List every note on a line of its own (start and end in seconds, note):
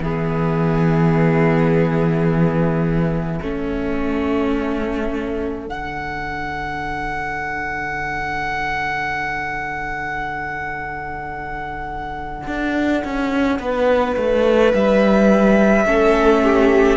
0.00 3.40 E3
0.00 3.42 B3
0.00 3.40 G#4
0.00 5.69 E5
3.40 5.67 A3
3.40 5.66 C#4
3.40 13.59 A4
5.66 12.46 D3
5.66 15.85 D4
5.66 14.74 F#5
12.47 13.04 D4
13.04 13.59 C#4
13.59 14.16 B3
13.59 15.86 B4
14.17 14.73 A3
14.73 15.85 G3
14.73 16.97 E5
15.85 16.97 A3
15.85 16.97 C#4
15.85 16.43 A4
16.44 16.97 G4